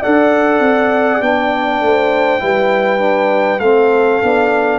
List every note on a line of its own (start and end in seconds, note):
0.00 0.59 D4
0.00 1.22 A4
0.00 1.80 D5
0.00 1.22 F#5
0.59 1.19 C4
1.21 1.80 B3
1.21 2.39 D4
1.21 3.59 G5
1.80 2.40 A3
1.80 2.42 C5
2.39 3.58 G3
2.39 2.99 E4
2.39 3.60 B4
2.99 3.59 D4
3.58 4.19 A3
3.58 4.22 C4
3.58 4.78 A4
3.58 4.78 F5
4.22 4.78 B3
4.22 4.78 D4